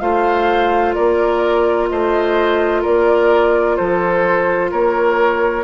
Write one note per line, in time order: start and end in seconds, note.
0.00 0.95 A3
0.00 5.63 F4
0.00 0.95 C5
0.00 0.94 F5
0.94 1.91 A#3
0.94 1.89 A#4
0.94 1.88 D5
1.89 2.85 A3
1.89 2.82 C5
1.89 2.83 D#5
2.82 3.79 A#3
2.82 3.75 A#4
2.82 3.76 D5
3.76 4.72 F3
3.76 4.71 A4
3.76 4.70 C5
4.71 5.64 A#3
4.71 5.64 A#4
4.71 5.64 C#5